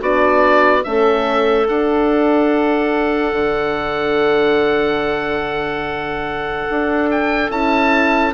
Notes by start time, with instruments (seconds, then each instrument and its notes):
0.00 bassoon B3, horn D4, clarinet F#4, oboe D5
0.84 bassoon A3, horn C#4, clarinet A4, oboe E5
1.68 horn D4, bassoon D4, oboe F#5
3.32 bassoon D3
6.70 bassoon D4
7.11 oboe G5
7.50 bassoon C#4, horn E4, oboe A5